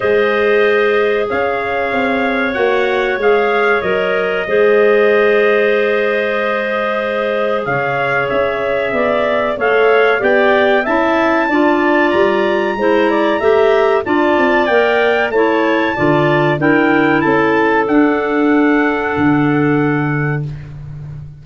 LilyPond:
<<
  \new Staff \with { instrumentName = "trumpet" } { \time 4/4 \tempo 4 = 94 dis''2 f''2 | fis''4 f''4 dis''2~ | dis''1 | f''4 e''2 f''4 |
g''4 a''2 ais''4~ | ais''2 a''4 g''4 | a''2 g''4 a''4 | fis''1 | }
  \new Staff \with { instrumentName = "clarinet" } { \time 4/4 c''2 cis''2~ | cis''2. c''4~ | c''1 | cis''2 d''4 cis''4 |
d''4 e''4 d''2 | c''8 d''8 e''4 d''2 | cis''4 d''4 ais'4 a'4~ | a'1 | }
  \new Staff \with { instrumentName = "clarinet" } { \time 4/4 gis'1 | fis'4 gis'4 ais'4 gis'4~ | gis'1~ | gis'2. a'4 |
g'4 e'4 f'2 | e'4 g'4 f'4 ais'4 | e'4 f'4 e'2 | d'1 | }
  \new Staff \with { instrumentName = "tuba" } { \time 4/4 gis2 cis'4 c'4 | ais4 gis4 fis4 gis4~ | gis1 | cis4 cis'4 b4 a4 |
b4 cis'4 d'4 g4 | gis4 a4 d'8 c'8 ais4 | a4 d4 d'4 cis'4 | d'2 d2 | }
>>